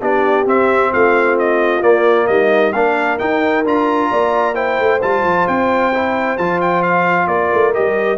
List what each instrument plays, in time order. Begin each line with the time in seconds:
0.00 tuba B3, trombone D4, horn G4, trumpet D5
0.45 trombone C4, tuba C4, trumpet E5
0.92 tuba A3, horn F4, trumpet F5
1.38 trumpet D#5
1.81 trombone A#3, tuba A#3, trumpet D5
2.27 tuba G3, horn D#4, trumpet D#5
2.72 tuba A#3, trombone D4, horn A#4, trumpet F5
3.18 trombone D#4, tuba D#4, trumpet G5
3.64 tuba D4, trombone F4, trumpet A#5
4.10 tuba A#3, horn D5
4.54 trombone E4, horn C5, trumpet G5
4.79 tuba A3
5.02 tuba G3, trombone F4, trumpet A5
5.24 tuba F3
5.47 tuba C4, trumpet G5
5.93 trombone E4
6.37 tuba F3, trombone F4, trumpet A5
6.61 trumpet G5
6.82 trumpet F5
7.27 tuba A#3, horn A#4, trumpet D5
7.53 tuba A3
7.73 tuba G3, trombone G4, trumpet D#5